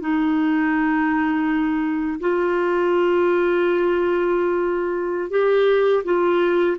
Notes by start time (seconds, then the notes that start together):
0.00 D#4
2.20 F4
5.30 G4
6.04 F4